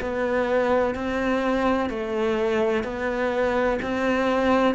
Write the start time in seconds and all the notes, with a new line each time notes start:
0.00 B3
0.95 C4
1.90 A3
2.84 B3
3.82 C4